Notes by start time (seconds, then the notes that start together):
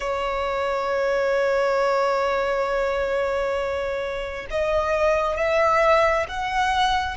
0.00 C#5
4.50 D#5
5.36 E5
6.28 F#5